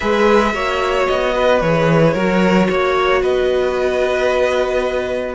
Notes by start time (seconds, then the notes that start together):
0.00 G#3 G#4 B4 E5
0.53 A#3 F#4 C#5
1.07 B3 D#5
1.33 B4
1.60 E3 G#4 C#5
2.13 F#3 F#4 A#4
2.68 A#3 C#5
3.21 B3 B4 D#5